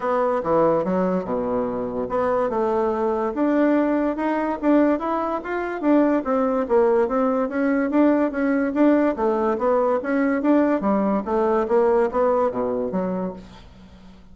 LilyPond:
\new Staff \with { instrumentName = "bassoon" } { \time 4/4 \tempo 4 = 144 b4 e4 fis4 b,4~ | b,4 b4 a2 | d'2 dis'4 d'4 | e'4 f'4 d'4 c'4 |
ais4 c'4 cis'4 d'4 | cis'4 d'4 a4 b4 | cis'4 d'4 g4 a4 | ais4 b4 b,4 fis4 | }